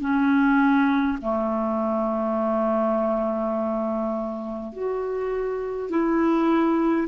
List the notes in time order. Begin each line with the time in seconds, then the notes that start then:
0.00 C#4
1.21 A3
4.73 F#4
5.90 E4